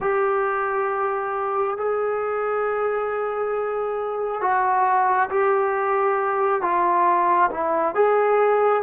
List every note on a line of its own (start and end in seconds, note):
0.00 1.76 G4
1.76 4.41 G#4
4.41 5.29 F#4
5.29 6.61 G4
6.61 7.50 F4
7.50 7.94 E4
7.94 8.82 G#4